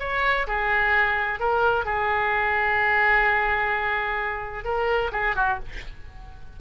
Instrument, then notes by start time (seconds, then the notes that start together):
oboe
0.00 C#5
0.47 G#4
1.40 A#4
1.86 G#4
4.65 A#4
5.12 G#4
5.36 F#4